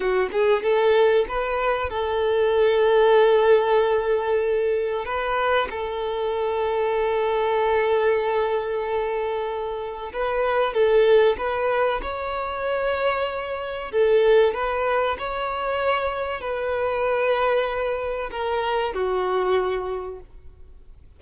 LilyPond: \new Staff \with { instrumentName = "violin" } { \time 4/4 \tempo 4 = 95 fis'8 gis'8 a'4 b'4 a'4~ | a'1 | b'4 a'2.~ | a'1 |
b'4 a'4 b'4 cis''4~ | cis''2 a'4 b'4 | cis''2 b'2~ | b'4 ais'4 fis'2 | }